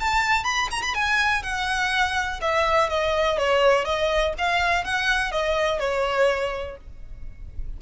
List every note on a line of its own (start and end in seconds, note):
0.00 0.44 A5
0.44 0.68 B5
0.71 0.82 A#5
0.82 0.94 B5
0.94 1.43 G#5
1.43 2.40 F#5
2.41 2.89 E5
2.89 3.38 D#5
3.38 3.84 C#5
3.84 4.33 D#5
4.38 4.84 F5
4.84 5.31 F#5
5.31 5.79 D#5
5.79 6.77 C#5